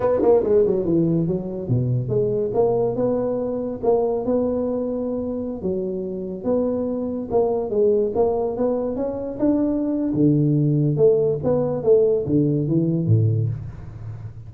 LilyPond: \new Staff \with { instrumentName = "tuba" } { \time 4/4 \tempo 4 = 142 b8 ais8 gis8 fis8 e4 fis4 | b,4 gis4 ais4 b4~ | b4 ais4 b2~ | b4~ b16 fis2 b8.~ |
b4~ b16 ais4 gis4 ais8.~ | ais16 b4 cis'4 d'4.~ d'16 | d2 a4 b4 | a4 d4 e4 a,4 | }